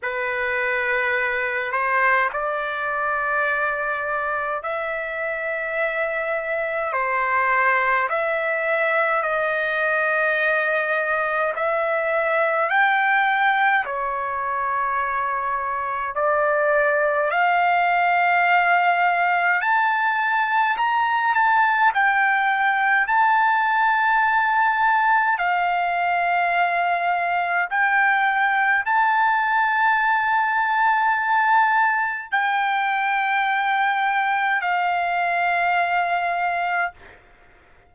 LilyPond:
\new Staff \with { instrumentName = "trumpet" } { \time 4/4 \tempo 4 = 52 b'4. c''8 d''2 | e''2 c''4 e''4 | dis''2 e''4 g''4 | cis''2 d''4 f''4~ |
f''4 a''4 ais''8 a''8 g''4 | a''2 f''2 | g''4 a''2. | g''2 f''2 | }